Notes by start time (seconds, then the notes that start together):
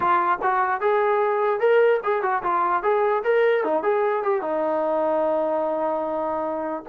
0.00 F4
0.41 F#4
0.80 G#4
1.60 A#4
2.03 G#4
2.22 F#4
2.43 F4
2.82 G#4
3.24 A#4
3.64 D#4
3.83 G#4
4.22 G4
4.41 D#4